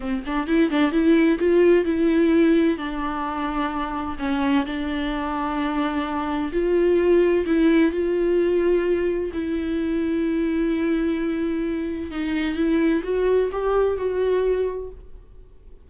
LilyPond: \new Staff \with { instrumentName = "viola" } { \time 4/4 \tempo 4 = 129 c'8 d'8 e'8 d'8 e'4 f'4 | e'2 d'2~ | d'4 cis'4 d'2~ | d'2 f'2 |
e'4 f'2. | e'1~ | e'2 dis'4 e'4 | fis'4 g'4 fis'2 | }